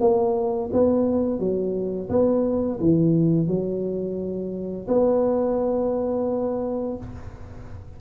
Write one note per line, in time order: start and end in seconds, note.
0.00 0.70 A#3
0.72 1.39 B3
1.39 2.09 F#3
2.09 2.79 B3
2.79 3.47 E3
3.47 4.87 F#3
4.87 6.97 B3